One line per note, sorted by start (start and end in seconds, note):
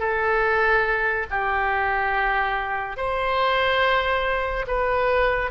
0.00 1.27 A4
1.31 2.97 G4
2.97 4.66 C5
4.67 5.51 B4